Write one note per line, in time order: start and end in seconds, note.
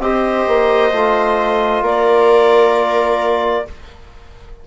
0.00 0.45 C4
0.00 0.92 G4
0.00 1.84 C5
0.00 1.84 D#5
0.47 0.92 A#3
0.92 1.82 A3
0.92 3.65 F4
1.82 3.64 A#3
1.82 3.65 A#4
1.82 3.68 D5